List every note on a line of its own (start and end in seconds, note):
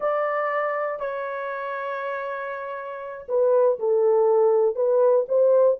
0.00 0.99 D5
0.99 3.26 C#5
3.28 3.78 B4
3.79 4.75 A4
4.75 5.26 B4
5.28 5.78 C5